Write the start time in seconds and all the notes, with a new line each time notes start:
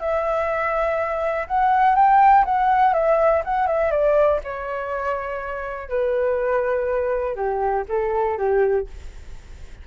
0.00 E5
1.48 F#5
1.96 G5
2.45 F#5
2.94 E5
3.45 F#5
3.67 E5
3.91 D5
4.44 C#5
5.89 B4
7.36 G4
7.89 A4
8.38 G4